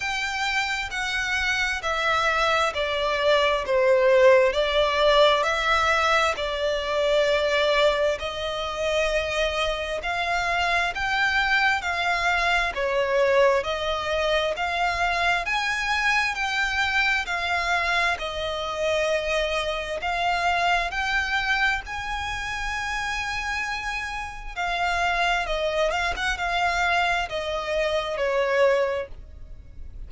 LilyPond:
\new Staff \with { instrumentName = "violin" } { \time 4/4 \tempo 4 = 66 g''4 fis''4 e''4 d''4 | c''4 d''4 e''4 d''4~ | d''4 dis''2 f''4 | g''4 f''4 cis''4 dis''4 |
f''4 gis''4 g''4 f''4 | dis''2 f''4 g''4 | gis''2. f''4 | dis''8 f''16 fis''16 f''4 dis''4 cis''4 | }